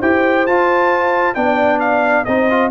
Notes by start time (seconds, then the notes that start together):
0.00 E4 G4 C5 G5
0.46 F4 A5
1.34 B3 D4 D5 G5
1.80 F5
2.25 C4 D#4 C5 D#5
2.50 F4